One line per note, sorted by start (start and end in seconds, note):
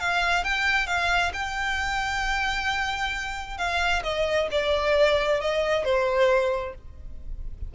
0.00 0.44 F5
0.44 0.87 G5
0.87 1.32 F5
1.33 3.58 G5
3.58 4.03 F5
4.03 4.48 D#5
4.51 5.41 D5
5.41 5.84 D#5
5.84 6.74 C5